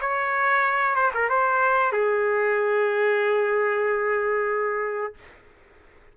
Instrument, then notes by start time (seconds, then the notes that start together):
trumpet
0.00 C#5
0.95 C5
1.14 A#4
1.29 C5
1.92 G#4